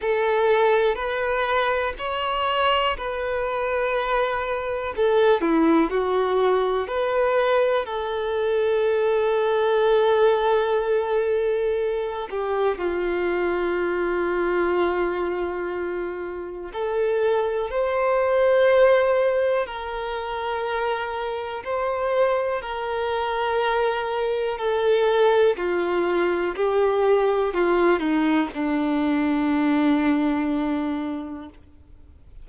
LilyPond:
\new Staff \with { instrumentName = "violin" } { \time 4/4 \tempo 4 = 61 a'4 b'4 cis''4 b'4~ | b'4 a'8 e'8 fis'4 b'4 | a'1~ | a'8 g'8 f'2.~ |
f'4 a'4 c''2 | ais'2 c''4 ais'4~ | ais'4 a'4 f'4 g'4 | f'8 dis'8 d'2. | }